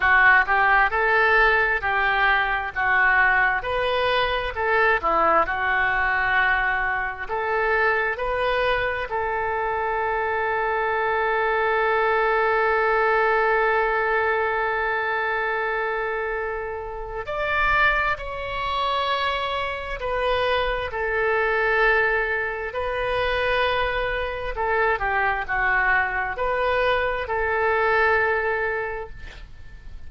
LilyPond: \new Staff \with { instrumentName = "oboe" } { \time 4/4 \tempo 4 = 66 fis'8 g'8 a'4 g'4 fis'4 | b'4 a'8 e'8 fis'2 | a'4 b'4 a'2~ | a'1~ |
a'2. d''4 | cis''2 b'4 a'4~ | a'4 b'2 a'8 g'8 | fis'4 b'4 a'2 | }